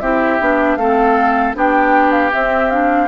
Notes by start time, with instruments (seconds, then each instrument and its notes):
0.00 bassoon C4, clarinet E4, oboe G4, flute E5
0.40 bassoon B3, clarinet D4
0.76 bassoon A3, clarinet C4, oboe A4, flute F5
1.55 bassoon B3, clarinet D4, oboe G4, flute G5
2.12 flute F5
2.32 clarinet C4, bassoon C4, flute E5
2.71 clarinet D4, flute F5